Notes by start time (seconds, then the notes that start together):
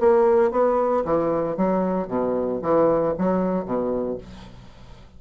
0.00 A#3
0.51 B3
1.05 E3
1.57 F#3
2.08 B2
2.62 E3
3.18 F#3
3.65 B2